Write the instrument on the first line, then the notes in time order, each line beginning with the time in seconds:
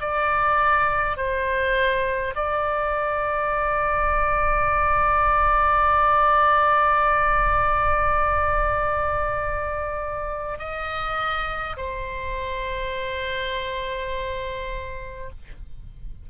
oboe
0.00 D5
1.17 C5
2.35 D5
10.58 D#5
11.76 C5